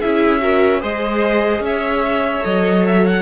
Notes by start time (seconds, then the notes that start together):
0.00 C#4 E4 G#4 E5
0.40 F#4 A#4
0.80 G#3 G#4 C5 D#5
1.60 C#4 E5
1.66 C#5
2.41 F#3 A4 D#5
2.86 E5
3.06 F#5